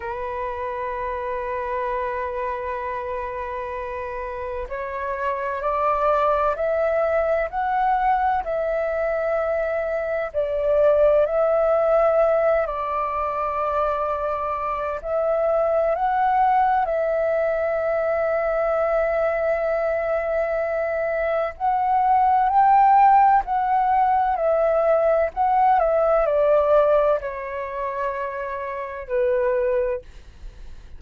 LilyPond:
\new Staff \with { instrumentName = "flute" } { \time 4/4 \tempo 4 = 64 b'1~ | b'4 cis''4 d''4 e''4 | fis''4 e''2 d''4 | e''4. d''2~ d''8 |
e''4 fis''4 e''2~ | e''2. fis''4 | g''4 fis''4 e''4 fis''8 e''8 | d''4 cis''2 b'4 | }